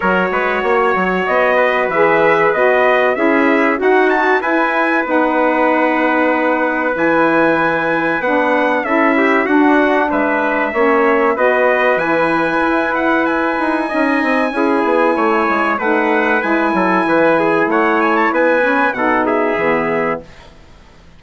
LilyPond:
<<
  \new Staff \with { instrumentName = "trumpet" } { \time 4/4 \tempo 4 = 95 cis''2 dis''4 e''4 | dis''4 e''4 fis''8 a''8 gis''4 | fis''2. gis''4~ | gis''4 fis''4 e''4 fis''4 |
e''2 dis''4 gis''4~ | gis''8 fis''8 gis''2.~ | gis''4 fis''4 gis''2 | fis''8 gis''16 a''16 gis''4 fis''8 e''4. | }
  \new Staff \with { instrumentName = "trumpet" } { \time 4/4 ais'8 b'8 cis''4. b'4.~ | b'4 gis'4 fis'4 b'4~ | b'1~ | b'2 a'8 g'8 fis'4 |
b'4 cis''4 b'2~ | b'2 dis''4 gis'4 | cis''4 b'4. a'8 b'8 gis'8 | cis''4 b'4 a'8 gis'4. | }
  \new Staff \with { instrumentName = "saxophone" } { \time 4/4 fis'2. gis'4 | fis'4 e'4 fis'4 e'4 | dis'2. e'4~ | e'4 d'4 e'4 d'4~ |
d'4 cis'4 fis'4 e'4~ | e'2 dis'4 e'4~ | e'4 dis'4 e'2~ | e'4. cis'8 dis'4 b4 | }
  \new Staff \with { instrumentName = "bassoon" } { \time 4/4 fis8 gis8 ais8 fis8 b4 e4 | b4 cis'4 dis'4 e'4 | b2. e4~ | e4 b4 cis'4 d'4 |
gis4 ais4 b4 e4 | e'4. dis'8 cis'8 c'8 cis'8 b8 | a8 gis8 a4 gis8 fis8 e4 | a4 b4 b,4 e4 | }
>>